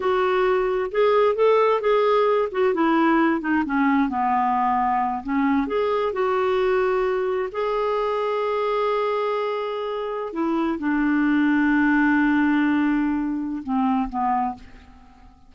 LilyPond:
\new Staff \with { instrumentName = "clarinet" } { \time 4/4 \tempo 4 = 132 fis'2 gis'4 a'4 | gis'4. fis'8 e'4. dis'8 | cis'4 b2~ b8 cis'8~ | cis'8 gis'4 fis'2~ fis'8~ |
fis'8 gis'2.~ gis'8~ | gis'2~ gis'8. e'4 d'16~ | d'1~ | d'2 c'4 b4 | }